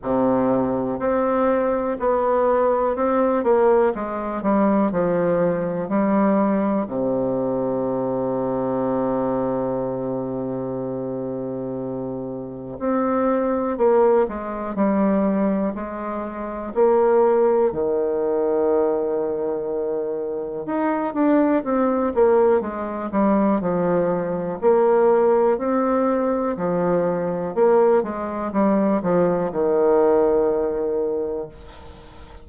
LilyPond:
\new Staff \with { instrumentName = "bassoon" } { \time 4/4 \tempo 4 = 61 c4 c'4 b4 c'8 ais8 | gis8 g8 f4 g4 c4~ | c1~ | c4 c'4 ais8 gis8 g4 |
gis4 ais4 dis2~ | dis4 dis'8 d'8 c'8 ais8 gis8 g8 | f4 ais4 c'4 f4 | ais8 gis8 g8 f8 dis2 | }